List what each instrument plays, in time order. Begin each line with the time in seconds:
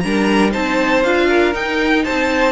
0.00 cello G3, viola D4, violin A#4 A#5
0.51 cello C4, viola D#4, violin C5 A5
1.03 cello D4, viola F4, violin F5
1.28 violin A#4
1.53 viola D#4, cello D#4, violin G5
2.04 cello C4, violin C5 A5